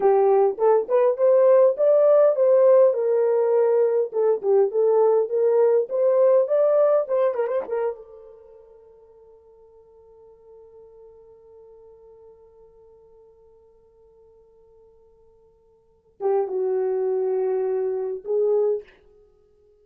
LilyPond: \new Staff \with { instrumentName = "horn" } { \time 4/4 \tempo 4 = 102 g'4 a'8 b'8 c''4 d''4 | c''4 ais'2 a'8 g'8 | a'4 ais'4 c''4 d''4 | c''8 ais'16 c''16 ais'8 a'2~ a'8~ |
a'1~ | a'1~ | a'2.~ a'8 g'8 | fis'2. gis'4 | }